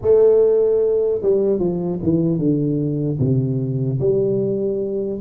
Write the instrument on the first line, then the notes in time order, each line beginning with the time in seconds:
tuba
0.01 A3
1.22 G3
1.59 F3
2.03 E3
2.38 D3
3.19 C3
4.00 G3